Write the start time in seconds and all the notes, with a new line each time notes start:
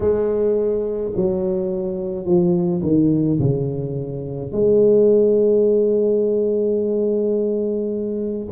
0.00 G#3
1.16 F#3
2.25 F3
2.82 D#3
3.40 C#3
4.51 G#3